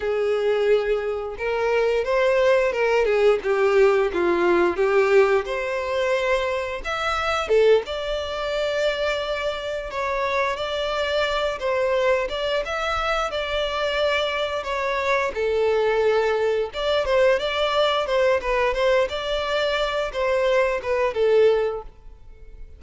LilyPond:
\new Staff \with { instrumentName = "violin" } { \time 4/4 \tempo 4 = 88 gis'2 ais'4 c''4 | ais'8 gis'8 g'4 f'4 g'4 | c''2 e''4 a'8 d''8~ | d''2~ d''8 cis''4 d''8~ |
d''4 c''4 d''8 e''4 d''8~ | d''4. cis''4 a'4.~ | a'8 d''8 c''8 d''4 c''8 b'8 c''8 | d''4. c''4 b'8 a'4 | }